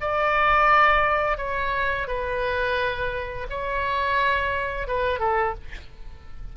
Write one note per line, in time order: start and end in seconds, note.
0.00 1.37 D5
1.37 2.07 C#5
2.07 3.47 B4
3.50 4.87 C#5
4.87 5.19 B4
5.19 5.54 A4